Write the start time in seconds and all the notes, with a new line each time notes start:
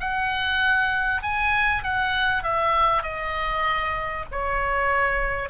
0.00 F#5
1.22 G#5
1.83 F#5
2.43 E5
3.03 D#5
4.32 C#5